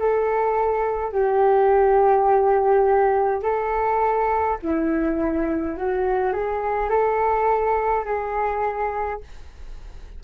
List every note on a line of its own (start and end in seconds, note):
0.00 1.12 A4
1.12 3.43 G4
3.43 4.58 A4
4.62 5.77 E4
5.77 6.33 F#4
6.33 6.90 G#4
6.90 8.05 A4
8.05 9.20 G#4